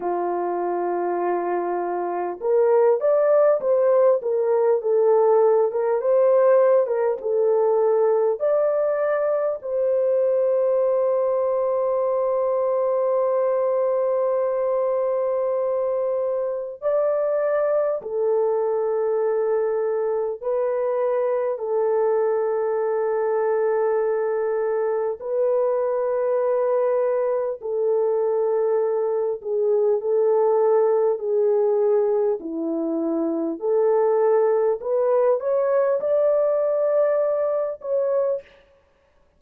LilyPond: \new Staff \with { instrumentName = "horn" } { \time 4/4 \tempo 4 = 50 f'2 ais'8 d''8 c''8 ais'8 | a'8. ais'16 c''8. ais'16 a'4 d''4 | c''1~ | c''2 d''4 a'4~ |
a'4 b'4 a'2~ | a'4 b'2 a'4~ | a'8 gis'8 a'4 gis'4 e'4 | a'4 b'8 cis''8 d''4. cis''8 | }